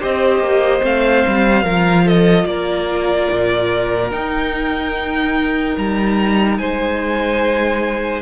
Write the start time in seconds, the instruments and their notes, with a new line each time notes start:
0.00 cello C4, viola G4, violin C5 D#5
0.40 cello A#3
0.81 cello A3, viola C4, violin F5
1.27 cello G3
1.63 cello F3, viola F4, violin A#4
2.05 violin A4 D#5
2.45 cello A#3, violin A#4 D5
3.31 cello A#2
4.10 viola D#4, cello D#4, violin G5
5.77 cello G3, violin A#5
6.58 cello G#3, violin C5 G#5